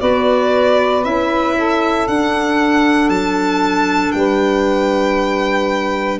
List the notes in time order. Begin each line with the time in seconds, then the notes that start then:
0.00 B3 F#4 B4 D5
1.04 C#4 E4 E5
1.58 A4
2.08 D4 F#5
3.09 F#3 A5
4.12 G3 B4 G5